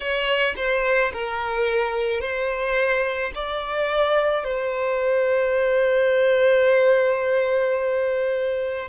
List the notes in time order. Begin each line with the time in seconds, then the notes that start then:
0.00 C#5
0.56 C5
1.13 A#4
2.20 C5
3.34 D5
4.43 C5